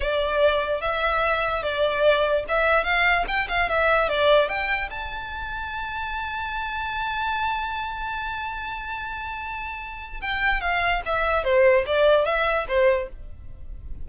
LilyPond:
\new Staff \with { instrumentName = "violin" } { \time 4/4 \tempo 4 = 147 d''2 e''2 | d''2 e''4 f''4 | g''8 f''8 e''4 d''4 g''4 | a''1~ |
a''1~ | a''1~ | a''4 g''4 f''4 e''4 | c''4 d''4 e''4 c''4 | }